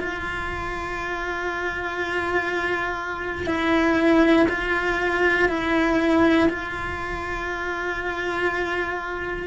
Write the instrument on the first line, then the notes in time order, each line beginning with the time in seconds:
cello
0.00 F4
3.47 E4
4.49 F4
5.49 E4
6.49 F4